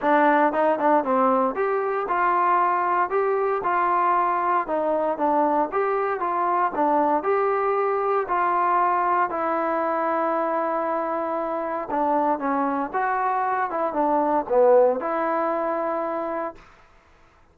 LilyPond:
\new Staff \with { instrumentName = "trombone" } { \time 4/4 \tempo 4 = 116 d'4 dis'8 d'8 c'4 g'4 | f'2 g'4 f'4~ | f'4 dis'4 d'4 g'4 | f'4 d'4 g'2 |
f'2 e'2~ | e'2. d'4 | cis'4 fis'4. e'8 d'4 | b4 e'2. | }